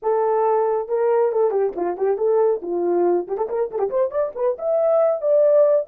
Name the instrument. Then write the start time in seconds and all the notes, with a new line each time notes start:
horn
0.02 A4
0.88 A#4
1.32 A4
1.51 G4
1.75 F4
1.97 G4
2.17 A4
2.61 F4
3.27 G4
3.37 A4
3.49 A#4
3.71 A4
3.78 G4
3.90 C5
4.10 D5
4.35 B4
4.58 E5
5.21 D5